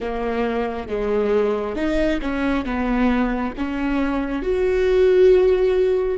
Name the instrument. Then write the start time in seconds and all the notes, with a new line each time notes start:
viola
0.00 A#3
0.87 G#3
1.75 D#4
2.21 C#4
2.65 B3
3.57 C#4
4.42 F#4